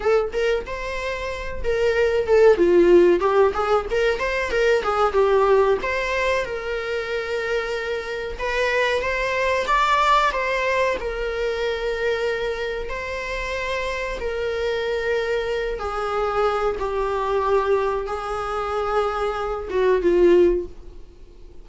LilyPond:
\new Staff \with { instrumentName = "viola" } { \time 4/4 \tempo 4 = 93 a'8 ais'8 c''4. ais'4 a'8 | f'4 g'8 gis'8 ais'8 c''8 ais'8 gis'8 | g'4 c''4 ais'2~ | ais'4 b'4 c''4 d''4 |
c''4 ais'2. | c''2 ais'2~ | ais'8 gis'4. g'2 | gis'2~ gis'8 fis'8 f'4 | }